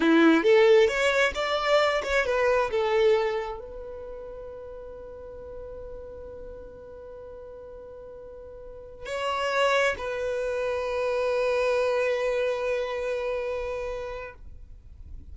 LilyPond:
\new Staff \with { instrumentName = "violin" } { \time 4/4 \tempo 4 = 134 e'4 a'4 cis''4 d''4~ | d''8 cis''8 b'4 a'2 | b'1~ | b'1~ |
b'1~ | b'16 cis''2 b'4.~ b'16~ | b'1~ | b'1 | }